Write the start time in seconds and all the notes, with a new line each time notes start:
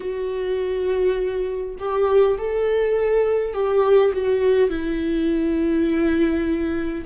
0.00 F#4
1.79 G4
2.37 A4
3.53 G4
4.13 F#4
4.69 E4